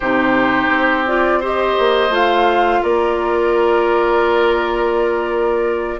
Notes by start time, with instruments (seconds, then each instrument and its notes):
0.00 bassoon C3, clarinet D#4, oboe G4, flute C5
0.68 bassoon C4
1.07 clarinet F4, flute D5
1.40 clarinet G4, oboe C5, flute D#5
1.79 bassoon A#3
2.09 bassoon A3, clarinet F4, flute F5
2.82 bassoon A#3, oboe A#4, flute D5